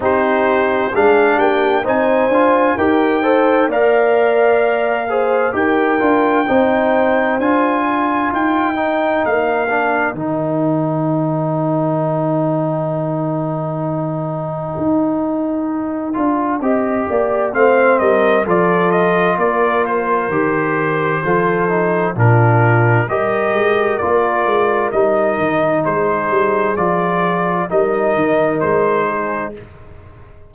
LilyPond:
<<
  \new Staff \with { instrumentName = "trumpet" } { \time 4/4 \tempo 4 = 65 c''4 f''8 g''8 gis''4 g''4 | f''2 g''2 | gis''4 g''4 f''4 g''4~ | g''1~ |
g''2. f''8 dis''8 | d''8 dis''8 d''8 c''2~ c''8 | ais'4 dis''4 d''4 dis''4 | c''4 d''4 dis''4 c''4 | }
  \new Staff \with { instrumentName = "horn" } { \time 4/4 g'4 gis'8 g'8 c''4 ais'8 c''8 | d''4. c''8 ais'4 c''4~ | c''8 ais'2.~ ais'8~ | ais'1~ |
ais'2 dis''8 d''8 c''8 ais'8 | a'4 ais'2 a'4 | f'4 ais'2. | gis'2 ais'4. gis'8 | }
  \new Staff \with { instrumentName = "trombone" } { \time 4/4 dis'4 d'4 dis'8 f'8 g'8 a'8 | ais'4. gis'8 g'8 f'8 dis'4 | f'4. dis'4 d'8 dis'4~ | dis'1~ |
dis'4. f'8 g'4 c'4 | f'2 g'4 f'8 dis'8 | d'4 g'4 f'4 dis'4~ | dis'4 f'4 dis'2 | }
  \new Staff \with { instrumentName = "tuba" } { \time 4/4 c'4 gis8 ais8 c'8 d'8 dis'4 | ais2 dis'8 d'8 c'4 | d'4 dis'4 ais4 dis4~ | dis1 |
dis'4. d'8 c'8 ais8 a8 g8 | f4 ais4 dis4 f4 | ais,4 g8 gis8 ais8 gis8 g8 dis8 | gis8 g8 f4 g8 dis8 gis4 | }
>>